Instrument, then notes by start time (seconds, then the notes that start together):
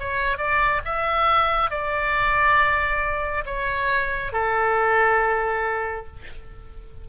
oboe
0.00 C#5
0.38 D5
0.85 E5
1.71 D5
3.46 C#5
4.33 A4